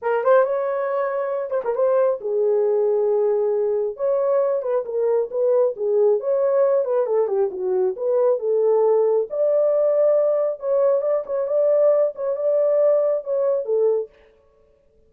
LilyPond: \new Staff \with { instrumentName = "horn" } { \time 4/4 \tempo 4 = 136 ais'8 c''8 cis''2~ cis''8 c''16 ais'16 | c''4 gis'2.~ | gis'4 cis''4. b'8 ais'4 | b'4 gis'4 cis''4. b'8 |
a'8 g'8 fis'4 b'4 a'4~ | a'4 d''2. | cis''4 d''8 cis''8 d''4. cis''8 | d''2 cis''4 a'4 | }